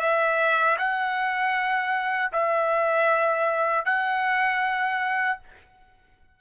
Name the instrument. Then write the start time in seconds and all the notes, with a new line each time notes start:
trumpet
0.00 E5
0.78 F#5
2.33 E5
3.86 F#5